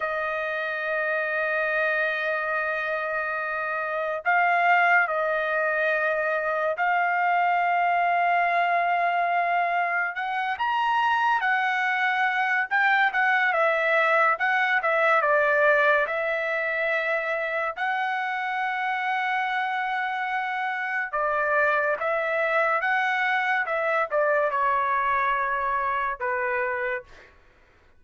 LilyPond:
\new Staff \with { instrumentName = "trumpet" } { \time 4/4 \tempo 4 = 71 dis''1~ | dis''4 f''4 dis''2 | f''1 | fis''8 ais''4 fis''4. g''8 fis''8 |
e''4 fis''8 e''8 d''4 e''4~ | e''4 fis''2.~ | fis''4 d''4 e''4 fis''4 | e''8 d''8 cis''2 b'4 | }